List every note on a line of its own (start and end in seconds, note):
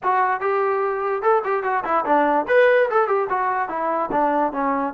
0.03 0.40 F#4
0.40 1.22 G4
1.22 1.43 A4
1.44 1.63 G4
1.63 1.83 F#4
1.84 2.05 E4
2.05 2.46 D4
2.48 2.89 B4
2.90 3.07 A4
3.07 3.28 G4
3.29 3.68 F#4
3.68 4.09 E4
4.11 4.52 D4
4.52 4.93 C#4